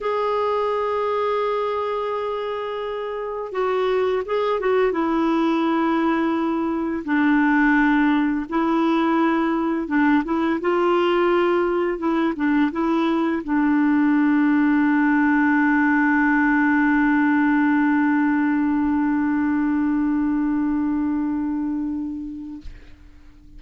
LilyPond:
\new Staff \with { instrumentName = "clarinet" } { \time 4/4 \tempo 4 = 85 gis'1~ | gis'4 fis'4 gis'8 fis'8 e'4~ | e'2 d'2 | e'2 d'8 e'8 f'4~ |
f'4 e'8 d'8 e'4 d'4~ | d'1~ | d'1~ | d'1 | }